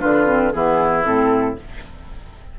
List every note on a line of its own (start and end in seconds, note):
0.00 0.54 D3
0.00 0.26 D4
0.00 0.52 F4
0.00 0.52 B4
0.26 0.52 C4
0.52 1.06 E3
0.52 1.04 B3
0.52 1.59 E4
0.52 1.04 G#4
1.04 1.57 A2
1.04 1.55 C4
1.04 1.57 A4